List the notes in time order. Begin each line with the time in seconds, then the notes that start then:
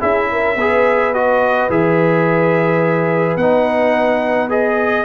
0.00 C#4 E4 G#4 E5
0.31 A#4
0.56 B3 G#4 B4
1.14 F#4 D#5
1.70 E3 G#4 E5
3.36 B3 D#4 F#5
4.49 G#4 D#5